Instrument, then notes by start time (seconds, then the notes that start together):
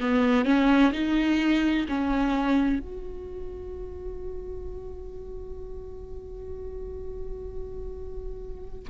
viola
0.00 B3
0.45 C#4
0.92 D#4
1.88 C#4
2.79 F#4